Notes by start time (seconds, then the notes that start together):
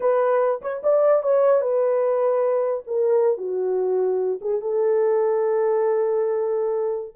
0.00 B4
0.61 C#5
0.83 D5
1.22 C#5
1.61 B4
2.87 A#4
3.37 F#4
4.41 G#4
4.61 A4